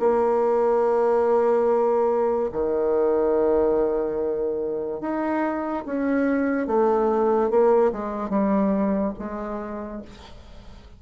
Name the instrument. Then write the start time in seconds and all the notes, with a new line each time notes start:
bassoon
0.00 A#3
2.53 D#3
5.01 D#4
5.86 C#4
6.67 A3
7.50 A#3
7.92 G#3
8.30 G3
9.19 G#3